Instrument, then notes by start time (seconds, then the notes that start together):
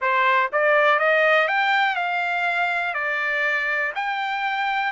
trumpet
0.01 C5
0.52 D5
0.99 D#5
1.48 G5
1.95 F5
2.94 D5
3.95 G5